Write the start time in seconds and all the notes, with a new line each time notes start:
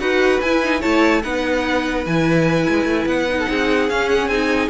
0.00 D#4 F#4 B4 F#5
0.41 E4 G#5
0.63 D#4
0.80 A3 E4 C#5 A5
1.23 B3 D#4 B4 F#5
2.06 E3 E4 G#5
2.69 G#3
2.85 A3
3.06 B3 F#5
3.29 D#4
3.39 A4
3.49 C4 G#4
3.90 C#4 F5
4.09 F#5
4.28 C4 D#4 G#5